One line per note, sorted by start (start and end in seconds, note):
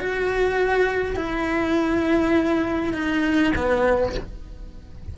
0.00 1.16 F#4
1.16 2.93 E4
2.93 3.53 D#4
3.55 4.15 B3